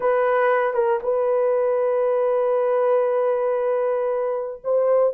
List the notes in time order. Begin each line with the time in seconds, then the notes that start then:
0.00 B4
0.73 A#4
1.02 B4
4.64 C5